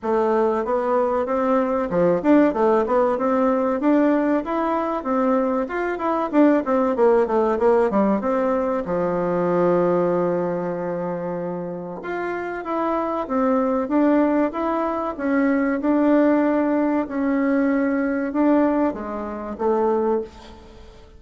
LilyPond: \new Staff \with { instrumentName = "bassoon" } { \time 4/4 \tempo 4 = 95 a4 b4 c'4 f8 d'8 | a8 b8 c'4 d'4 e'4 | c'4 f'8 e'8 d'8 c'8 ais8 a8 | ais8 g8 c'4 f2~ |
f2. f'4 | e'4 c'4 d'4 e'4 | cis'4 d'2 cis'4~ | cis'4 d'4 gis4 a4 | }